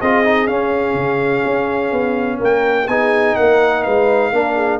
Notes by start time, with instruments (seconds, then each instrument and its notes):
0.00 tuba C4, trombone F4, horn G#4, trumpet D#5
0.24 trombone D#4
0.47 tuba C#4, trombone C#4, trumpet F5
0.94 tuba C#3
1.45 tuba C#4
1.91 tuba B3
2.37 tuba A#3, horn A#4
2.44 trumpet G5
2.87 tuba B3, trombone D#4, horn G#4, trumpet G#5
3.35 tuba A#3, horn A#4, trumpet F#5
3.82 tuba G#3, horn B4, trumpet F5
4.32 tuba A#3, trombone D4, horn A#4
4.55 horn G#4